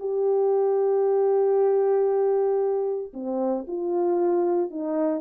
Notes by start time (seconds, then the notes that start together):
0.00 G4
3.14 C4
3.68 F4
4.71 D#4